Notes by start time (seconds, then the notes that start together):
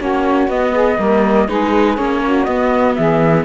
0.00 A#3 C#4 F#4 C#5
0.48 B3 D#5
0.73 G#4
0.99 G3 A#3 A#4
1.48 G#3 D#4 G#4 B4
1.97 A#3 C#4 C#5
2.25 F#4
2.45 B3 D#5
2.95 E3 G#4 E5